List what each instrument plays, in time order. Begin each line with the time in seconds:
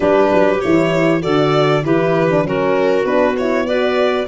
0.00 tuba G3, horn D4, clarinet G4, violin B4
0.33 tuba F#3
0.60 tuba E3, horn E4, violin C#5
1.21 tuba D3, horn F#4, clarinet A4, violin D5
1.83 tuba E3, horn E4, clarinet G4, violin B4
2.30 horn D4
2.44 tuba F#3, horn C#4, clarinet F#4, violin A#4
3.04 tuba B3, horn D4, violin B4
3.37 horn E4, violin C#5
3.66 horn F#4, clarinet B4, violin D5